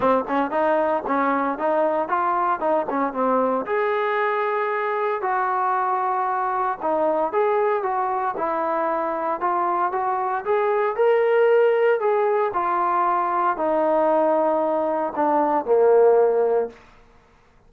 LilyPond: \new Staff \with { instrumentName = "trombone" } { \time 4/4 \tempo 4 = 115 c'8 cis'8 dis'4 cis'4 dis'4 | f'4 dis'8 cis'8 c'4 gis'4~ | gis'2 fis'2~ | fis'4 dis'4 gis'4 fis'4 |
e'2 f'4 fis'4 | gis'4 ais'2 gis'4 | f'2 dis'2~ | dis'4 d'4 ais2 | }